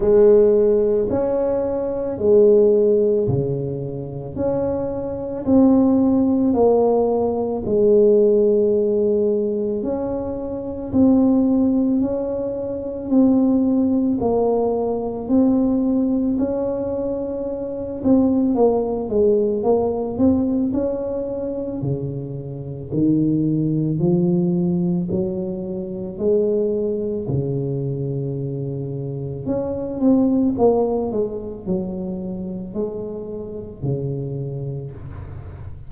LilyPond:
\new Staff \with { instrumentName = "tuba" } { \time 4/4 \tempo 4 = 55 gis4 cis'4 gis4 cis4 | cis'4 c'4 ais4 gis4~ | gis4 cis'4 c'4 cis'4 | c'4 ais4 c'4 cis'4~ |
cis'8 c'8 ais8 gis8 ais8 c'8 cis'4 | cis4 dis4 f4 fis4 | gis4 cis2 cis'8 c'8 | ais8 gis8 fis4 gis4 cis4 | }